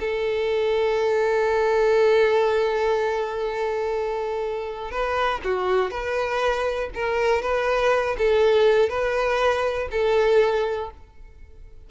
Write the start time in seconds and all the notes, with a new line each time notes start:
0.00 A4
4.92 B4
5.44 F#4
5.91 B4
6.94 A#4
7.42 B4
8.18 A4
8.89 B4
9.92 A4